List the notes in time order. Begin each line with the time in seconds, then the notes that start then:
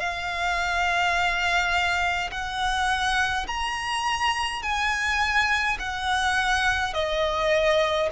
0.00 F5
2.31 F#5
3.48 A#5
4.63 G#5
5.80 F#5
6.94 D#5